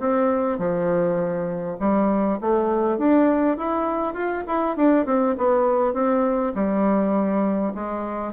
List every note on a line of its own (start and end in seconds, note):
0.00 0.59 C4
0.59 1.77 F3
1.80 2.40 G3
2.41 2.98 A3
2.98 3.58 D4
3.58 4.14 E4
4.14 4.44 F4
4.48 4.77 E4
4.77 5.06 D4
5.06 5.36 C4
5.38 5.94 B3
5.94 6.53 C4
6.55 7.74 G3
7.75 8.34 G#3